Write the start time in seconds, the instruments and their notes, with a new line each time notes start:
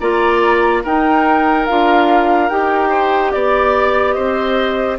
0.00 bassoon A#3, clarinet F4, oboe D5, flute A#5
0.84 bassoon D#4, clarinet D#4, oboe A#4, flute G5
1.66 bassoon D4, clarinet F4, flute F5
2.50 bassoon D#4, clarinet G4, flute G5
2.89 oboe C5
3.32 bassoon B3, flute D5, oboe D5
4.13 bassoon C4, oboe C5, flute D#5